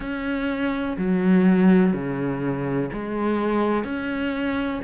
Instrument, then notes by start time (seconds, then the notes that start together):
cello
0.00 C#4
0.97 F#3
1.93 C#3
2.93 G#3
3.84 C#4